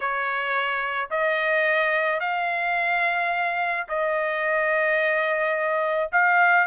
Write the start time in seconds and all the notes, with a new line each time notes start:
0.00 C#5
1.10 D#5
2.20 F5
3.88 D#5
6.11 F5